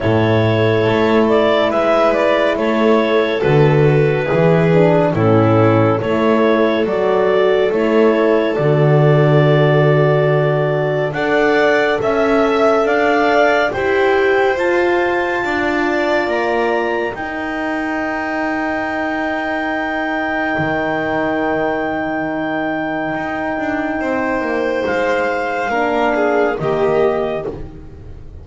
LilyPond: <<
  \new Staff \with { instrumentName = "clarinet" } { \time 4/4 \tempo 4 = 70 cis''4. d''8 e''8 d''8 cis''4 | b'2 a'4 cis''4 | d''4 cis''4 d''2~ | d''4 fis''4 e''4 f''4 |
g''4 a''2 ais''4 | g''1~ | g''1~ | g''4 f''2 dis''4 | }
  \new Staff \with { instrumentName = "violin" } { \time 4/4 a'2 b'4 a'4~ | a'4 gis'4 e'4 a'4~ | a'1~ | a'4 d''4 e''4 d''4 |
c''2 d''2 | ais'1~ | ais'1 | c''2 ais'8 gis'8 g'4 | }
  \new Staff \with { instrumentName = "horn" } { \time 4/4 e'1 | fis'4 e'8 d'8 cis'4 e'4 | fis'4 e'4 fis'2~ | fis'4 a'2. |
g'4 f'2. | dis'1~ | dis'1~ | dis'2 d'4 ais4 | }
  \new Staff \with { instrumentName = "double bass" } { \time 4/4 a,4 a4 gis4 a4 | d4 e4 a,4 a4 | fis4 a4 d2~ | d4 d'4 cis'4 d'4 |
e'4 f'4 d'4 ais4 | dis'1 | dis2. dis'8 d'8 | c'8 ais8 gis4 ais4 dis4 | }
>>